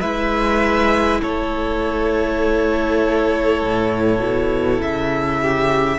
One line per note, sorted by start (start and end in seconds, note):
0.00 1.21 G#3
0.00 5.98 E4
0.00 1.20 B4
0.00 1.20 E5
1.21 3.63 A3
1.21 5.41 A4
1.21 4.81 C#5
3.63 4.19 A2
4.19 4.79 B2
4.79 5.98 C#3
4.79 5.98 E5
5.41 5.98 G4